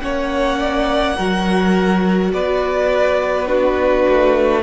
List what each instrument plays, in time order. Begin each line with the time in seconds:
0.00 cello A#3, viola C#4, violin C#5 F#5
0.59 violin D5
1.16 cello F#3, viola F#4, violin A#4
2.33 cello B3, violin B4 D5
3.45 viola D4, violin F#4 B4
4.08 cello A3